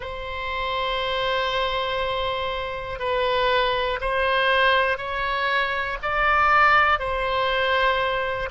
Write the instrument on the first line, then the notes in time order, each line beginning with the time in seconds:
oboe
0.00 C5
2.99 B4
4.00 C5
4.97 C#5
6.02 D5
6.99 C5